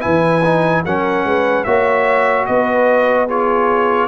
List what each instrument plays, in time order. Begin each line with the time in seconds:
0.00 tuba E3, trombone E4, horn B4, trumpet G#5
0.45 trombone D#4
0.85 tuba F#3, trombone C#4, horn A#4, trumpet F#5
1.24 tuba G#3, horn B4
1.64 tuba A#3, trombone F#4, horn C#5, trumpet E5
2.46 tuba B3, horn B4, trumpet D#5
3.27 trombone F4, horn G#4, trumpet C#5